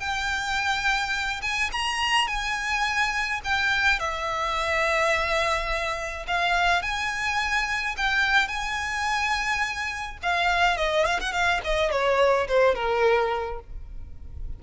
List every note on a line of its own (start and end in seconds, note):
0.00 1.42 G5
1.42 1.70 G#5
1.72 2.28 A#5
2.28 3.41 G#5
3.45 4.00 G5
4.00 6.26 E5
6.28 6.83 F5
6.83 7.96 G#5
7.97 8.48 G5
8.48 10.18 G#5
10.23 10.78 F5
10.78 11.06 D#5
11.06 11.20 F5
11.20 11.33 F#5
11.33 11.61 F5
11.64 11.91 D#5
11.91 12.48 C#5
12.48 12.75 C5
12.75 13.60 A#4